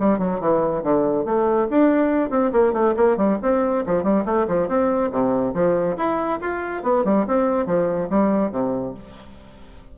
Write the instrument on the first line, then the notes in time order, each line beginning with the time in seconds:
bassoon
0.00 G3
0.19 F#3
0.41 E3
0.83 D3
1.25 A3
1.71 D4
2.30 C4
2.52 A#3
2.74 A3
2.97 A#3
3.17 G3
3.42 C4
3.86 F3
4.04 G3
4.25 A3
4.48 F3
4.69 C4
5.12 C3
5.54 F3
5.97 E4
6.41 F4
6.83 B3
7.05 G3
7.27 C4
7.66 F3
8.10 G3
8.51 C3